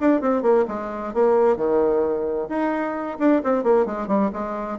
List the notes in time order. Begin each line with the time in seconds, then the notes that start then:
0.00 D4
0.21 C4
0.42 A#3
0.68 G#3
1.14 A#3
1.57 D#3
2.49 D#4
3.19 D4
3.44 C4
3.63 A#3
3.85 G#3
4.07 G3
4.33 G#3